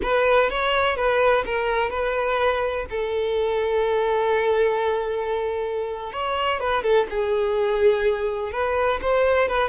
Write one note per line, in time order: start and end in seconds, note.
0.02 0.49 B4
0.49 0.96 C#5
0.96 1.44 B4
1.45 1.90 A#4
1.90 2.86 B4
2.89 6.12 A4
6.12 6.60 C#5
6.60 6.82 B4
6.82 7.06 A4
7.10 8.52 G#4
8.52 9.00 B4
9.01 9.48 C5
9.48 9.69 B4